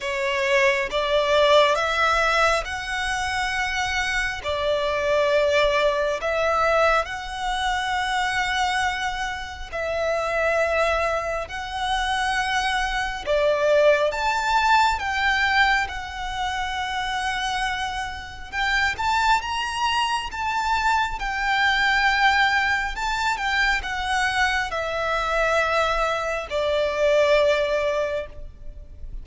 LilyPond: \new Staff \with { instrumentName = "violin" } { \time 4/4 \tempo 4 = 68 cis''4 d''4 e''4 fis''4~ | fis''4 d''2 e''4 | fis''2. e''4~ | e''4 fis''2 d''4 |
a''4 g''4 fis''2~ | fis''4 g''8 a''8 ais''4 a''4 | g''2 a''8 g''8 fis''4 | e''2 d''2 | }